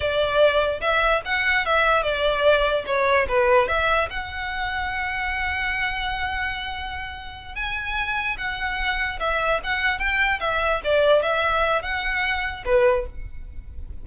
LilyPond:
\new Staff \with { instrumentName = "violin" } { \time 4/4 \tempo 4 = 147 d''2 e''4 fis''4 | e''4 d''2 cis''4 | b'4 e''4 fis''2~ | fis''1~ |
fis''2~ fis''8 gis''4.~ | gis''8 fis''2 e''4 fis''8~ | fis''8 g''4 e''4 d''4 e''8~ | e''4 fis''2 b'4 | }